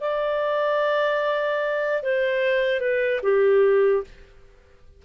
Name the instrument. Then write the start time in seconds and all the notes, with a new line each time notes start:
clarinet
0.00 D5
2.03 C5
2.80 B4
3.22 G4